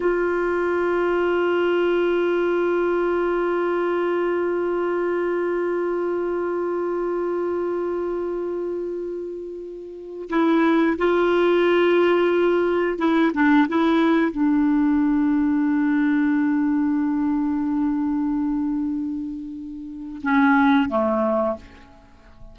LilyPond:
\new Staff \with { instrumentName = "clarinet" } { \time 4/4 \tempo 4 = 89 f'1~ | f'1~ | f'1~ | f'2.~ f'16 e'8.~ |
e'16 f'2. e'8 d'16~ | d'16 e'4 d'2~ d'8.~ | d'1~ | d'2 cis'4 a4 | }